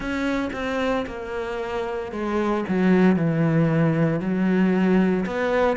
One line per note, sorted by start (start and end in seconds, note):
0.00 0.50 C#4
0.53 1.05 C4
1.06 2.11 A#3
2.11 2.64 G#3
2.68 3.16 F#3
3.16 4.20 E3
4.20 5.25 F#3
5.26 5.77 B3